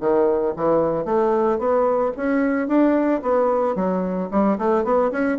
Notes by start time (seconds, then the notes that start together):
0.00 D#3
0.56 E3
1.05 A3
1.58 B3
2.16 C#4
2.67 D4
3.22 B3
3.75 F#3
4.31 G3
4.58 A3
4.84 B3
5.11 C#4